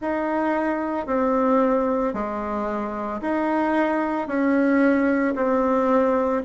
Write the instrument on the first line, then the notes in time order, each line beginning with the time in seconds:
bassoon
0.00 D#4
1.06 C4
2.13 G#3
3.21 D#4
4.27 C#4
5.35 C4